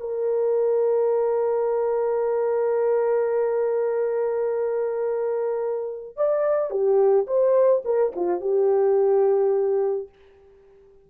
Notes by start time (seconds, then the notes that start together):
0.00 A#4
6.16 D5
6.70 G4
7.27 C5
7.85 A#4
8.16 F4
8.41 G4